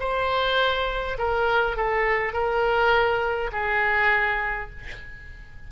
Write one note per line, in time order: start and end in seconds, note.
0.00 1.18 C5
1.19 1.77 A#4
1.77 2.33 A4
2.33 3.51 A#4
3.52 4.70 G#4